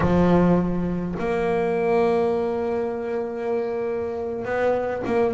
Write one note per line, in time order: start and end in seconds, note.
0.00 1.14 F3
1.18 4.44 A#3
4.44 5.02 B3
5.05 5.34 A#3